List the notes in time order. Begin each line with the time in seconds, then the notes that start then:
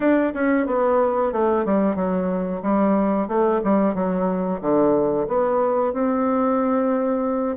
0.00 D4
0.34 C#4
0.66 B3
1.32 A3
1.65 G3
1.95 F#3
2.62 G3
3.28 A3
3.64 G3
3.94 F#3
4.61 D3
5.27 B3
5.93 C4